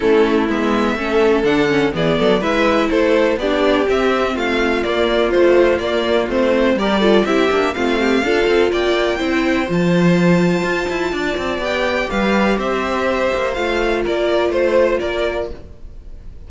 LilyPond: <<
  \new Staff \with { instrumentName = "violin" } { \time 4/4 \tempo 4 = 124 a'4 e''2 fis''4 | d''4 e''4 c''4 d''4 | e''4 f''4 d''4 c''4 | d''4 c''4 d''4 e''4 |
f''2 g''2 | a''1 | g''4 f''4 e''2 | f''4 d''4 c''4 d''4 | }
  \new Staff \with { instrumentName = "violin" } { \time 4/4 e'2 a'2 | gis'8 a'8 b'4 a'4 g'4~ | g'4 f'2.~ | f'2 ais'8 a'8 g'4 |
f'8 g'8 a'4 d''4 c''4~ | c''2. d''4~ | d''4 b'4 c''2~ | c''4 ais'4 c''4 ais'4 | }
  \new Staff \with { instrumentName = "viola" } { \time 4/4 cis'4 b4 cis'4 d'8 cis'8 | b4 e'2 d'4 | c'2 ais4 f4 | ais4 c'4 g'8 f'8 e'8 d'8 |
c'4 f'2 e'4 | f'1 | g'1 | f'1 | }
  \new Staff \with { instrumentName = "cello" } { \time 4/4 a4 gis4 a4 d4 | e8 fis8 gis4 a4 b4 | c'4 a4 ais4 a4 | ais4 a4 g4 c'8 ais8 |
a4 d'8 c'8 ais4 c'4 | f2 f'8 e'8 d'8 c'8 | b4 g4 c'4. ais8 | a4 ais4 a4 ais4 | }
>>